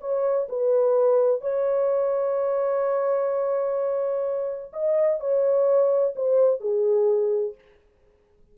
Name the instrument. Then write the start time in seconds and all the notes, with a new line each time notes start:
horn
0.00 C#5
0.48 B4
1.41 C#5
4.72 D#5
5.20 C#5
6.15 C5
6.60 G#4